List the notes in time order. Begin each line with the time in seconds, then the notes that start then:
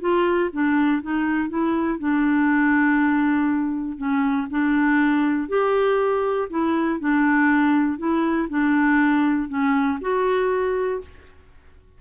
0.00 F4
0.52 D4
1.02 D#4
1.49 E4
1.99 D4
3.97 C#4
4.50 D4
5.48 G4
6.49 E4
6.99 D4
7.98 E4
8.49 D4
9.48 C#4
10.01 F#4